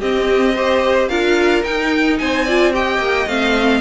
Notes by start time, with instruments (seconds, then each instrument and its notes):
0.00 viola C4, cello C4, violin G4 D#5
0.55 viola G4, violin C5
1.09 cello D4, viola F4, violin A#4 F5
1.64 cello D#4, viola D#4, violin G5
2.19 cello C4, violin C5 G#5
2.45 viola F4, violin D5
2.72 viola G4, violin D#5 G5
2.99 cello A#3
3.27 cello A3, viola C4, violin F5